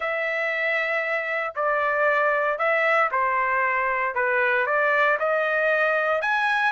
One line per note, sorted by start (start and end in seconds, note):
0.00 1.54 E5
1.55 2.58 D5
2.58 3.10 E5
3.11 4.14 C5
4.14 4.66 B4
4.66 5.18 D5
5.19 6.21 D#5
6.21 6.72 G#5